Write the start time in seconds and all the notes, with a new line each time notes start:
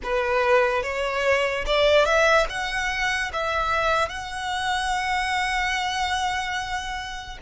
0.03 B4
0.82 C#5
1.66 D5
2.05 E5
2.49 F#5
3.33 E5
4.09 F#5